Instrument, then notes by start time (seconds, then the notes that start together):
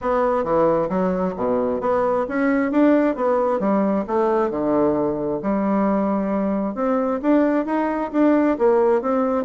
bassoon
0.01 B3
0.43 E3
0.89 F#3
1.36 B2
1.80 B3
2.28 C#4
2.71 D4
3.15 B3
3.59 G3
4.07 A3
4.50 D3
5.42 G3
6.74 C4
7.22 D4
7.65 D#4
8.12 D4
8.58 A#3
9.01 C4